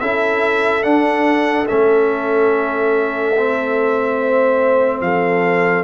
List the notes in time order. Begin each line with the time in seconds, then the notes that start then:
0.00 C#4 E4 A4 E5
0.83 D4 F#5
1.68 A3 C#4 E5
3.37 C4
4.19 C5
5.01 F3 A4 F5